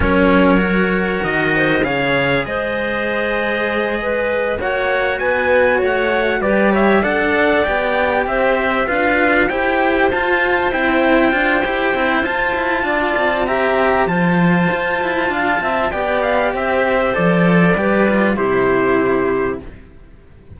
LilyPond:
<<
  \new Staff \with { instrumentName = "trumpet" } { \time 4/4 \tempo 4 = 98 cis''2 dis''4 f''4 | dis''2.~ dis''8 fis''8~ | fis''8 gis''4 fis''4 d''8 e''8 fis''8~ | fis''8 g''4 e''4 f''4 g''8~ |
g''8 a''4 g''2~ g''8 | a''2 ais''4 a''4~ | a''2 g''8 f''8 e''4 | d''2 c''2 | }
  \new Staff \with { instrumentName = "clarinet" } { \time 4/4 ais'2~ ais'8 c''8 cis''4 | c''2~ c''8 b'4 cis''8~ | cis''8 b'4 cis''4 b'8 cis''8 d''8~ | d''4. c''4 b'4 c''8~ |
c''1~ | c''4 d''4 e''4 c''4~ | c''4 f''8 e''8 d''4 c''4~ | c''4 b'4 g'2 | }
  \new Staff \with { instrumentName = "cello" } { \time 4/4 cis'4 fis'2 gis'4~ | gis'2.~ gis'8 fis'8~ | fis'2~ fis'8 g'4 a'8~ | a'8 g'2 f'4 g'8~ |
g'8 f'4 e'4 f'8 g'8 e'8 | f'2 g'4 f'4~ | f'2 g'2 | a'4 g'8 f'8 e'2 | }
  \new Staff \with { instrumentName = "cello" } { \time 4/4 fis2 dis4 cis4 | gis2.~ gis8 ais8~ | ais8 b4 a4 g4 d'8~ | d'8 b4 c'4 d'4 e'8~ |
e'8 f'4 c'4 d'8 e'8 c'8 | f'8 e'8 d'8 c'4. f4 | f'8 e'8 d'8 c'8 b4 c'4 | f4 g4 c2 | }
>>